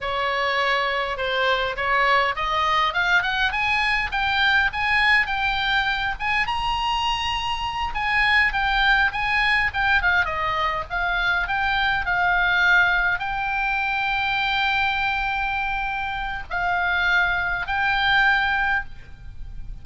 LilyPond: \new Staff \with { instrumentName = "oboe" } { \time 4/4 \tempo 4 = 102 cis''2 c''4 cis''4 | dis''4 f''8 fis''8 gis''4 g''4 | gis''4 g''4. gis''8 ais''4~ | ais''4. gis''4 g''4 gis''8~ |
gis''8 g''8 f''8 dis''4 f''4 g''8~ | g''8 f''2 g''4.~ | g''1 | f''2 g''2 | }